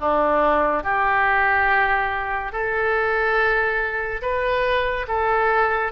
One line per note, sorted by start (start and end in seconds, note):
0.00 0.84 D4
0.84 2.52 G4
2.52 4.21 A4
4.22 5.06 B4
5.08 5.92 A4